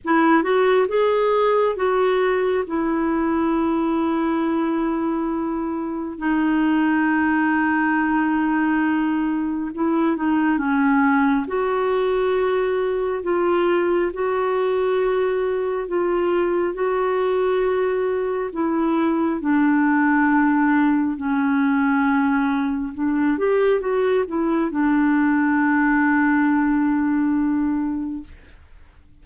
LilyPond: \new Staff \with { instrumentName = "clarinet" } { \time 4/4 \tempo 4 = 68 e'8 fis'8 gis'4 fis'4 e'4~ | e'2. dis'4~ | dis'2. e'8 dis'8 | cis'4 fis'2 f'4 |
fis'2 f'4 fis'4~ | fis'4 e'4 d'2 | cis'2 d'8 g'8 fis'8 e'8 | d'1 | }